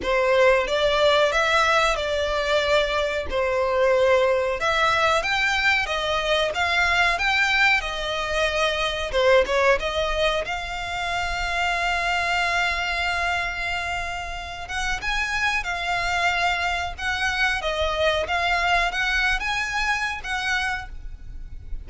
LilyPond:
\new Staff \with { instrumentName = "violin" } { \time 4/4 \tempo 4 = 92 c''4 d''4 e''4 d''4~ | d''4 c''2 e''4 | g''4 dis''4 f''4 g''4 | dis''2 c''8 cis''8 dis''4 |
f''1~ | f''2~ f''8 fis''8 gis''4 | f''2 fis''4 dis''4 | f''4 fis''8. gis''4~ gis''16 fis''4 | }